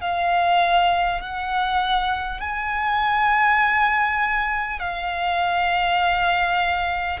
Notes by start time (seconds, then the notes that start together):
0.00 F5
1.20 F#5
2.40 G#5
4.79 F5